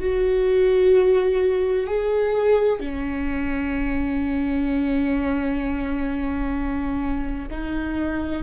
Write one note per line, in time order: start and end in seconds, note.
0.00 1.87 F#4
1.87 2.80 G#4
2.80 7.49 C#4
7.51 8.43 D#4